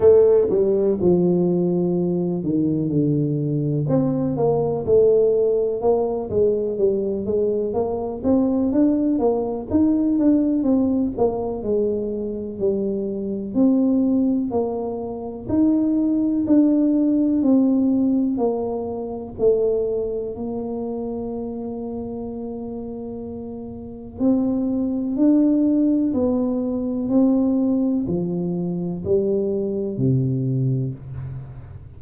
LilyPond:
\new Staff \with { instrumentName = "tuba" } { \time 4/4 \tempo 4 = 62 a8 g8 f4. dis8 d4 | c'8 ais8 a4 ais8 gis8 g8 gis8 | ais8 c'8 d'8 ais8 dis'8 d'8 c'8 ais8 | gis4 g4 c'4 ais4 |
dis'4 d'4 c'4 ais4 | a4 ais2.~ | ais4 c'4 d'4 b4 | c'4 f4 g4 c4 | }